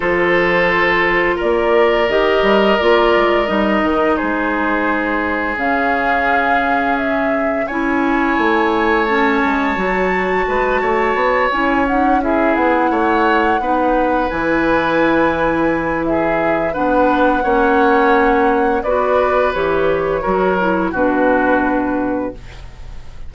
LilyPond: <<
  \new Staff \with { instrumentName = "flute" } { \time 4/4 \tempo 4 = 86 c''2 d''4 dis''4 | d''4 dis''4 c''2 | f''2 e''4 gis''4~ | gis''4 a''2.~ |
a''8 gis''8 fis''8 e''8 fis''2~ | fis''8 gis''2~ gis''8 e''4 | fis''2. d''4 | cis''2 b'2 | }
  \new Staff \with { instrumentName = "oboe" } { \time 4/4 a'2 ais'2~ | ais'2 gis'2~ | gis'2. cis''4~ | cis''2. b'8 cis''8~ |
cis''4. gis'4 cis''4 b'8~ | b'2. gis'4 | b'4 cis''2 b'4~ | b'4 ais'4 fis'2 | }
  \new Staff \with { instrumentName = "clarinet" } { \time 4/4 f'2. g'4 | f'4 dis'2. | cis'2. e'4~ | e'4 cis'4 fis'2~ |
fis'8 e'8 dis'8 e'2 dis'8~ | dis'8 e'2.~ e'8 | d'4 cis'2 fis'4 | g'4 fis'8 e'8 d'2 | }
  \new Staff \with { instrumentName = "bassoon" } { \time 4/4 f2 ais4 dis8 g8 | ais8 gis8 g8 dis8 gis2 | cis2. cis'4 | a4. gis8 fis4 gis8 a8 |
b8 cis'4. b8 a4 b8~ | b8 e2.~ e8 | b4 ais2 b4 | e4 fis4 b,2 | }
>>